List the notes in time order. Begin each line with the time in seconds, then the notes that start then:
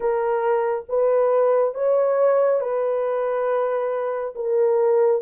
0.00 A#4
0.88 B4
1.74 C#5
2.60 B4
4.35 A#4